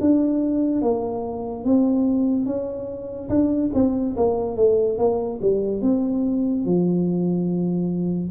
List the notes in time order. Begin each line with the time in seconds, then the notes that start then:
0.00 D4
0.81 A#3
1.64 C4
2.45 C#4
3.29 D4
3.73 C4
4.16 A#3
4.56 A3
4.98 A#3
5.41 G3
5.81 C4
6.65 F3